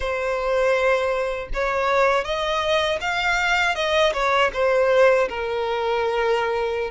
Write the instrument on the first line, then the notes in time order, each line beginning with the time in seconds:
violin
0.00 C5
1.53 C#5
2.24 D#5
3.00 F5
3.75 D#5
4.13 C#5
4.53 C5
5.28 A#4